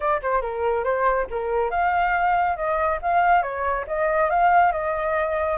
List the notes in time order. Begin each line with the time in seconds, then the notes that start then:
0.00 D5
0.22 C5
0.41 A#4
0.84 C5
1.30 A#4
1.70 F5
2.56 D#5
3.02 F5
3.42 C#5
3.87 D#5
4.30 F5
4.72 D#5